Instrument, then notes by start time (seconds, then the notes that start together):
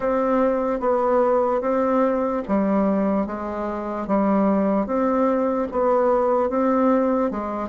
bassoon
0.00 C4
0.80 B3
1.61 C4
2.47 G3
3.26 G#3
4.07 G3
4.86 C4
5.71 B3
6.49 C4
7.30 G#3